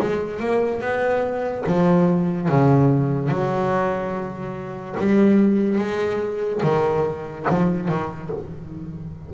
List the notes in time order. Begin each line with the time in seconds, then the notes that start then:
0.00 G#3
0.40 A#3
0.81 B3
1.67 F3
2.48 C#3
3.28 F#3
4.99 G3
5.78 G#3
6.63 D#3
7.49 F3
7.88 D#3